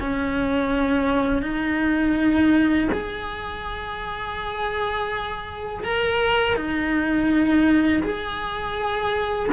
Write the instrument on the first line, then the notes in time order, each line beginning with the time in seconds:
cello
0.00 C#4
1.42 D#4
2.92 G#4
5.84 A#4
6.56 D#4
8.03 G#4